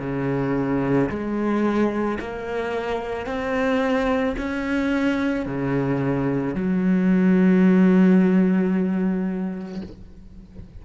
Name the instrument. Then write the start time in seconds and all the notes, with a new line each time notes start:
cello
0.00 C#3
1.10 G#3
2.20 A#3
3.26 C4
4.38 C#4
5.46 C#3
6.55 F#3